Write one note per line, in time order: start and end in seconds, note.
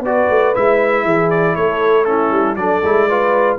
0.00 0.25 B3
0.00 0.55 F#4
0.00 1.05 B4
0.00 0.55 D5
0.30 0.55 A3
0.55 1.05 G#3
0.55 2.06 E4
0.55 1.30 E5
1.05 1.55 E3
1.05 1.56 G#4
1.30 1.55 D5
1.55 2.31 A3
1.55 2.07 A4
1.55 2.04 C#5
2.04 2.56 C#4
2.04 2.59 E4
2.04 2.55 A4
2.31 2.56 G3
2.55 2.82 F#3
2.55 2.82 D4
2.55 3.08 A4
2.55 3.57 D5
2.83 3.58 G#3
2.83 3.10 E4
3.08 3.58 F4
3.08 3.58 B4